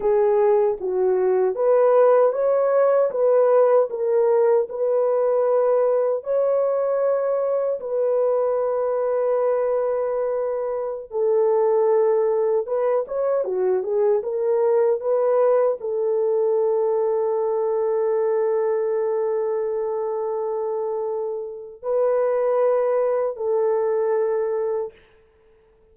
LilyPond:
\new Staff \with { instrumentName = "horn" } { \time 4/4 \tempo 4 = 77 gis'4 fis'4 b'4 cis''4 | b'4 ais'4 b'2 | cis''2 b'2~ | b'2~ b'16 a'4.~ a'16~ |
a'16 b'8 cis''8 fis'8 gis'8 ais'4 b'8.~ | b'16 a'2.~ a'8.~ | a'1 | b'2 a'2 | }